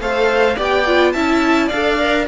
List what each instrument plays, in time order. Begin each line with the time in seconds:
0.00 cello A3, viola A4, violin C5 F5
0.57 cello B3, viola G4, violin D5 G5
0.87 viola F4
1.13 cello C#4, viola E4, violin E5 A5
1.67 cello D4, violin D5 F5
1.73 viola A4
2.00 viola A#4